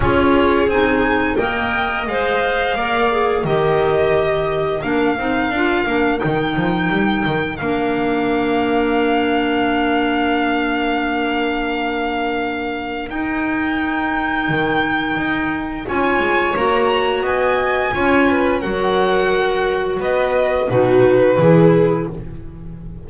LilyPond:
<<
  \new Staff \with { instrumentName = "violin" } { \time 4/4 \tempo 4 = 87 cis''4 gis''4 g''4 f''4~ | f''4 dis''2 f''4~ | f''4 g''2 f''4~ | f''1~ |
f''2. g''4~ | g''2. gis''4 | ais''4 gis''2 fis''4~ | fis''4 dis''4 b'2 | }
  \new Staff \with { instrumentName = "viola" } { \time 4/4 gis'2 dis''2 | d''4 ais'2.~ | ais'1~ | ais'1~ |
ais'1~ | ais'2. cis''4~ | cis''4 dis''4 cis''8 b'8 ais'4~ | ais'4 b'4 fis'4 gis'4 | }
  \new Staff \with { instrumentName = "clarinet" } { \time 4/4 f'4 dis'4 ais'4 c''4 | ais'8 gis'8 g'2 d'8 dis'8 | f'8 d'8 dis'2 d'4~ | d'1~ |
d'2. dis'4~ | dis'2. f'4 | fis'2 f'4 fis'4~ | fis'2 dis'4 e'4 | }
  \new Staff \with { instrumentName = "double bass" } { \time 4/4 cis'4 c'4 ais4 gis4 | ais4 dis2 ais8 c'8 | d'8 ais8 dis8 f8 g8 dis8 ais4~ | ais1~ |
ais2. dis'4~ | dis'4 dis4 dis'4 cis'8 gis8 | ais4 b4 cis'4 fis4~ | fis4 b4 b,4 e4 | }
>>